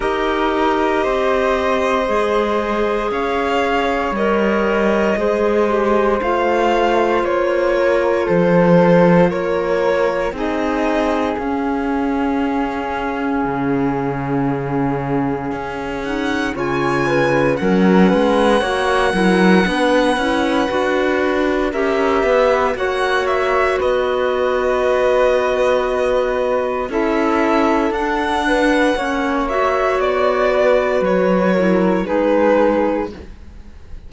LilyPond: <<
  \new Staff \with { instrumentName = "violin" } { \time 4/4 \tempo 4 = 58 dis''2. f''4 | dis''2 f''4 cis''4 | c''4 cis''4 dis''4 f''4~ | f''2.~ f''8 fis''8 |
gis''4 fis''2.~ | fis''4 e''4 fis''8 e''8 dis''4~ | dis''2 e''4 fis''4~ | fis''8 e''8 d''4 cis''4 b'4 | }
  \new Staff \with { instrumentName = "flute" } { \time 4/4 ais'4 c''2 cis''4~ | cis''4 c''2~ c''8 ais'8 | a'4 ais'4 gis'2~ | gis'1 |
cis''8 b'8 ais'8 b'8 cis''8 ais'8 b'4~ | b'4 ais'8 b'8 cis''4 b'4~ | b'2 a'4. b'8 | cis''4. b'4 ais'8 gis'4 | }
  \new Staff \with { instrumentName = "clarinet" } { \time 4/4 g'2 gis'2 | ais'4 gis'8 g'8 f'2~ | f'2 dis'4 cis'4~ | cis'2.~ cis'8 dis'8 |
f'4 cis'4 fis'8 e'8 d'8 e'8 | fis'4 g'4 fis'2~ | fis'2 e'4 d'4 | cis'8 fis'2 e'8 dis'4 | }
  \new Staff \with { instrumentName = "cello" } { \time 4/4 dis'4 c'4 gis4 cis'4 | g4 gis4 a4 ais4 | f4 ais4 c'4 cis'4~ | cis'4 cis2 cis'4 |
cis4 fis8 gis8 ais8 fis8 b8 cis'8 | d'4 cis'8 b8 ais4 b4~ | b2 cis'4 d'4 | ais4 b4 fis4 gis4 | }
>>